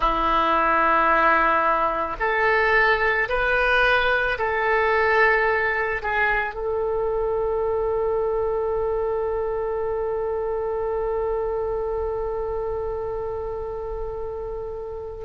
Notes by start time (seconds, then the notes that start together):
0.00 E4
2.19 A4
3.28 B4
4.38 A4
6.02 G#4
6.54 A4